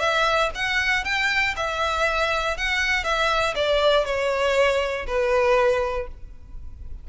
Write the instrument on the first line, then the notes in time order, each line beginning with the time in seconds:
violin
0.00 E5
0.55 F#5
1.05 G5
1.57 E5
2.57 F#5
3.04 E5
3.55 D5
4.05 C#5
5.07 B4